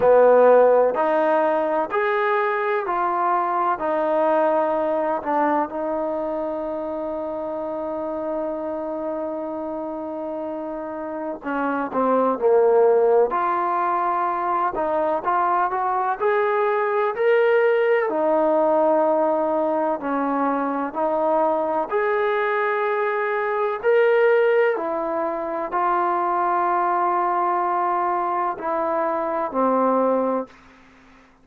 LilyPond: \new Staff \with { instrumentName = "trombone" } { \time 4/4 \tempo 4 = 63 b4 dis'4 gis'4 f'4 | dis'4. d'8 dis'2~ | dis'1 | cis'8 c'8 ais4 f'4. dis'8 |
f'8 fis'8 gis'4 ais'4 dis'4~ | dis'4 cis'4 dis'4 gis'4~ | gis'4 ais'4 e'4 f'4~ | f'2 e'4 c'4 | }